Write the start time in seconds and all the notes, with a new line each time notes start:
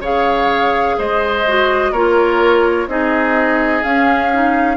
0.00 C#3 G#4 C#5 F5
0.98 G#3 C5 D#5
1.47 F#4
1.92 A#3 F4 A#4 C#5
2.87 C4 D#4 G#4 D#5
3.83 C#4 F5
4.33 D#4